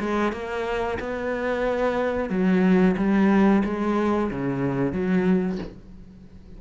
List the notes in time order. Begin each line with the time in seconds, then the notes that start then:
0.00 G#3
0.33 A#3
1.00 B3
2.30 F#3
2.97 G3
3.65 G#3
4.31 C#3
4.93 F#3